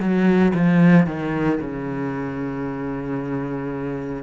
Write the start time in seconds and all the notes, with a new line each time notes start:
0.00 F#3
0.55 F3
1.07 D#3
1.61 C#3